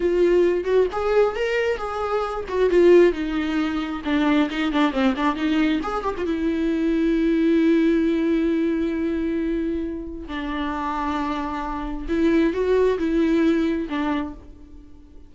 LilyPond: \new Staff \with { instrumentName = "viola" } { \time 4/4 \tempo 4 = 134 f'4. fis'8 gis'4 ais'4 | gis'4. fis'8 f'4 dis'4~ | dis'4 d'4 dis'8 d'8 c'8 d'8 | dis'4 gis'8 g'16 f'16 e'2~ |
e'1~ | e'2. d'4~ | d'2. e'4 | fis'4 e'2 d'4 | }